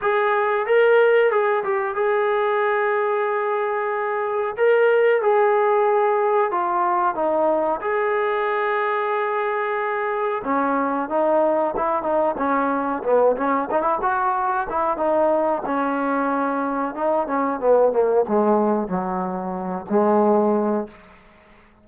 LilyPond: \new Staff \with { instrumentName = "trombone" } { \time 4/4 \tempo 4 = 92 gis'4 ais'4 gis'8 g'8 gis'4~ | gis'2. ais'4 | gis'2 f'4 dis'4 | gis'1 |
cis'4 dis'4 e'8 dis'8 cis'4 | b8 cis'8 dis'16 e'16 fis'4 e'8 dis'4 | cis'2 dis'8 cis'8 b8 ais8 | gis4 fis4. gis4. | }